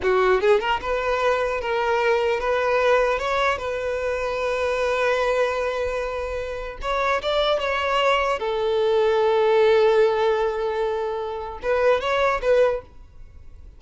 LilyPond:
\new Staff \with { instrumentName = "violin" } { \time 4/4 \tempo 4 = 150 fis'4 gis'8 ais'8 b'2 | ais'2 b'2 | cis''4 b'2.~ | b'1~ |
b'4 cis''4 d''4 cis''4~ | cis''4 a'2.~ | a'1~ | a'4 b'4 cis''4 b'4 | }